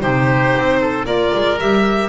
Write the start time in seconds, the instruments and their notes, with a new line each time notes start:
0.00 double bass C3, clarinet D#4, oboe G4, violin C5
0.58 double bass C4
0.81 oboe A4
1.05 double bass A#3, clarinet F4, oboe A#4, violin D5
1.34 double bass G#3
1.60 double bass G3, clarinet G4, violin E5